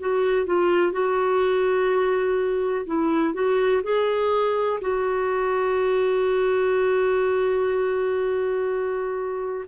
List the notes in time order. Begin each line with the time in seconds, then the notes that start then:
0.00 F#4
0.46 F4
0.92 F#4
2.86 E4
3.34 F#4
3.83 G#4
4.81 F#4